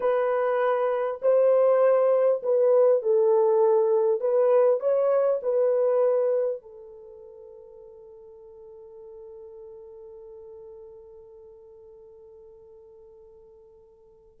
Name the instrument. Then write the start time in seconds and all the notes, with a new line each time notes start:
horn
0.00 B4
1.22 C5
2.42 B4
3.02 A4
4.20 B4
4.80 C#5
5.42 B4
6.62 A4